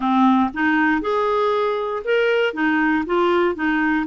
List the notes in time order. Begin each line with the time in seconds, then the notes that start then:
0.00 C4
0.53 D#4
1.01 G#4
2.04 A#4
2.53 D#4
3.06 F4
3.55 D#4